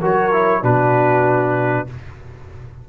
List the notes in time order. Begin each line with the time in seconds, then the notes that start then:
0.00 F#3 F#4 A#4 C#5
0.32 E4
0.62 B2 D4 F#4 B4